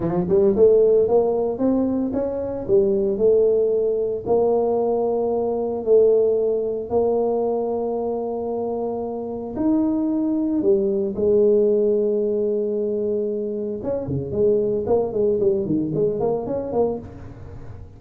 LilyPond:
\new Staff \with { instrumentName = "tuba" } { \time 4/4 \tempo 4 = 113 f8 g8 a4 ais4 c'4 | cis'4 g4 a2 | ais2. a4~ | a4 ais2.~ |
ais2 dis'2 | g4 gis2.~ | gis2 cis'8 cis8 gis4 | ais8 gis8 g8 dis8 gis8 ais8 cis'8 ais8 | }